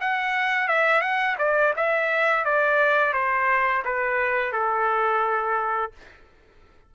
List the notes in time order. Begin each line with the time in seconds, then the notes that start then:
0.00 F#5
0.68 E5
1.01 F#5
1.38 D5
1.76 E5
2.45 D5
3.13 C5
3.85 B4
4.52 A4